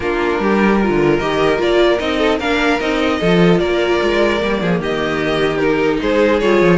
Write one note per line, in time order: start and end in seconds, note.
0.00 0.39 A#3
0.00 0.81 D4
0.00 0.40 F4
0.00 1.18 A#4
0.39 0.89 G3
0.39 0.80 G4
0.80 1.21 F4
0.80 2.18 A#4
0.89 1.19 D3
1.18 1.59 D#3
1.18 1.57 G4
1.18 1.58 D#5
1.57 1.99 A#3
1.57 1.97 F4
1.57 1.99 D5
1.99 2.40 C4
1.99 2.39 D#4
1.99 2.39 D#5
2.18 2.38 A4
2.38 2.80 A#3
2.38 2.79 D4
2.38 3.18 A#4
2.38 2.80 F5
2.79 3.20 C4
2.79 3.19 D#4
2.79 3.59 D#5
3.19 3.60 F3
3.19 4.38 F4
3.19 3.59 A4
3.59 4.00 A#3
3.59 4.60 A#4
3.59 4.79 D5
4.02 4.42 G#3
4.38 4.62 G3
4.38 5.58 A#3
4.61 4.79 F3
4.61 4.80 G#4
4.79 5.99 D#3
4.79 6.00 G4
4.79 5.57 D#5
5.57 6.41 D#4
5.57 5.97 A#4
6.01 6.41 G#3
6.01 6.78 G#4
6.01 6.39 C5
6.39 6.61 G3
6.39 6.78 F4
6.39 6.78 C#5
6.61 6.78 F3